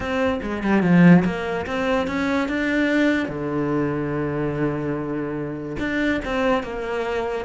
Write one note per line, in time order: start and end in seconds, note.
0.00 0.39 C4
0.42 0.63 G#3
0.63 0.82 G3
0.82 1.23 F3
1.24 1.66 A#3
1.66 2.07 C4
2.07 2.48 C#4
2.48 3.28 D4
3.28 5.76 D3
5.79 6.20 D4
6.25 6.63 C4
6.63 7.45 A#3